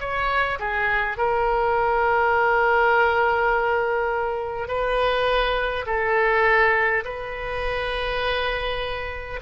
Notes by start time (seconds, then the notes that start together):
0.00 C#5
0.59 G#4
1.17 A#4
4.68 B4
5.86 A4
7.05 B4